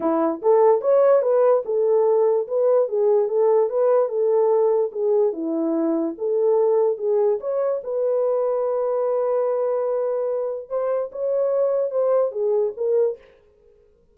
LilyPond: \new Staff \with { instrumentName = "horn" } { \time 4/4 \tempo 4 = 146 e'4 a'4 cis''4 b'4 | a'2 b'4 gis'4 | a'4 b'4 a'2 | gis'4 e'2 a'4~ |
a'4 gis'4 cis''4 b'4~ | b'1~ | b'2 c''4 cis''4~ | cis''4 c''4 gis'4 ais'4 | }